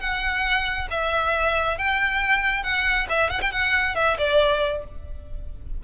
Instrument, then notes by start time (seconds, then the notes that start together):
violin
0.00 F#5
0.90 E5
1.78 G5
2.63 F#5
3.09 E5
3.30 F#5
3.41 G5
3.52 F#5
3.95 E5
4.18 D5